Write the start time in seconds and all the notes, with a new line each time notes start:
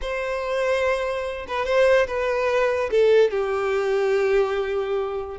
0.01 C5
1.47 B4
1.65 C5
2.07 B4
2.90 A4
3.30 G4